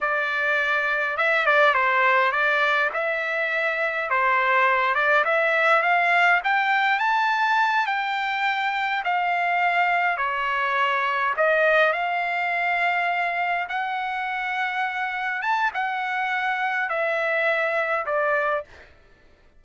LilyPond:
\new Staff \with { instrumentName = "trumpet" } { \time 4/4 \tempo 4 = 103 d''2 e''8 d''8 c''4 | d''4 e''2 c''4~ | c''8 d''8 e''4 f''4 g''4 | a''4. g''2 f''8~ |
f''4. cis''2 dis''8~ | dis''8 f''2. fis''8~ | fis''2~ fis''8 a''8 fis''4~ | fis''4 e''2 d''4 | }